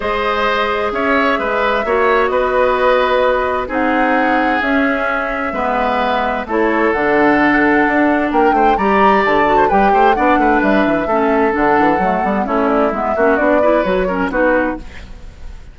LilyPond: <<
  \new Staff \with { instrumentName = "flute" } { \time 4/4 \tempo 4 = 130 dis''2 e''2~ | e''4 dis''2. | fis''2 e''2~ | e''2 cis''4 fis''4~ |
fis''2 g''4 ais''4 | a''4 g''4 fis''4 e''4~ | e''4 fis''2 cis''8 d''8 | e''4 d''4 cis''4 b'4 | }
  \new Staff \with { instrumentName = "oboe" } { \time 4/4 c''2 cis''4 b'4 | cis''4 b'2. | gis'1 | b'2 a'2~ |
a'2 ais'8 c''8 d''4~ | d''8. c''16 b'8 c''8 d''8 b'4. | a'2. e'4~ | e'8 fis'4 b'4 ais'8 fis'4 | }
  \new Staff \with { instrumentName = "clarinet" } { \time 4/4 gis'1 | fis'1 | dis'2 cis'2 | b2 e'4 d'4~ |
d'2. g'4~ | g'8 fis'8 g'4 d'2 | cis'4 d'4 a8 b8 cis'4 | b8 cis'8 d'8 e'8 fis'8 cis'8 dis'4 | }
  \new Staff \with { instrumentName = "bassoon" } { \time 4/4 gis2 cis'4 gis4 | ais4 b2. | c'2 cis'2 | gis2 a4 d4~ |
d4 d'4 ais8 a8 g4 | d4 g8 a8 b8 a8 g8 e8 | a4 d8 e8 fis8 g8 a4 | gis8 ais8 b4 fis4 b4 | }
>>